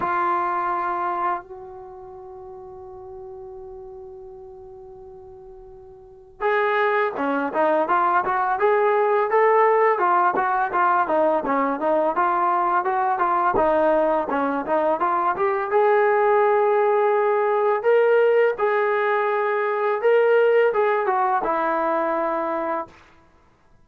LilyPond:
\new Staff \with { instrumentName = "trombone" } { \time 4/4 \tempo 4 = 84 f'2 fis'2~ | fis'1~ | fis'4 gis'4 cis'8 dis'8 f'8 fis'8 | gis'4 a'4 f'8 fis'8 f'8 dis'8 |
cis'8 dis'8 f'4 fis'8 f'8 dis'4 | cis'8 dis'8 f'8 g'8 gis'2~ | gis'4 ais'4 gis'2 | ais'4 gis'8 fis'8 e'2 | }